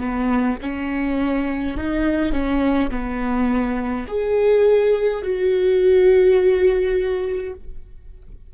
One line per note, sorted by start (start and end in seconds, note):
0.00 0.58 B3
0.62 1.77 C#4
1.77 2.32 D#4
2.32 2.90 C#4
2.90 4.05 B3
4.08 5.22 G#4
5.22 7.53 F#4